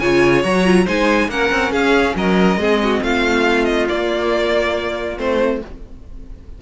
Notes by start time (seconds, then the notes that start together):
0.00 C#3 F4 C#5 G#5
0.44 F#3 F#4 A#5
0.66 F4
0.85 G#3 D#4 C5 G#5
1.29 A#3 C#4 A#4 F#5
1.51 C4
1.71 C#4 G#4 F5
2.15 F#3 A#4 D#5
2.57 G#3 C4 G#4
2.83 F#4
3.03 A3 F4 F5
3.65 D#5
3.89 A#3 D5
5.18 A3 C4 C5